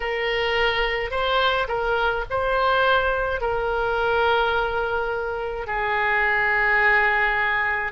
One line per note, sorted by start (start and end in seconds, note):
0.00 1.10 A#4
1.10 1.67 C5
1.68 2.24 A#4
2.30 3.40 C5
3.40 5.66 A#4
5.66 7.91 G#4